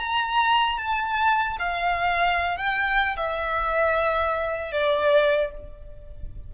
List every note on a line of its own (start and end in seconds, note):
0.00 0.78 A#5
0.78 1.57 A5
1.59 2.57 F5
2.57 3.17 G5
3.17 4.72 E5
4.72 5.51 D5